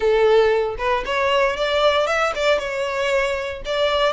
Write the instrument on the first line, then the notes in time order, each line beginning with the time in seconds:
violin
0.00 A4
0.78 B4
1.05 C#5
1.56 D5
2.07 E5
2.35 D5
2.59 C#5
3.65 D5